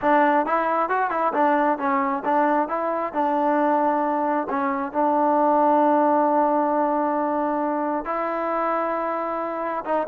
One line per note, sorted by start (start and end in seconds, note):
0.01 0.46 D4
0.46 0.89 E4
0.89 1.10 F#4
1.10 1.32 E4
1.33 1.78 D4
1.78 2.23 C#4
2.24 2.68 D4
2.68 3.13 E4
3.13 4.47 D4
4.49 4.92 C#4
4.92 8.05 D4
8.05 9.84 E4
9.84 10.07 D#4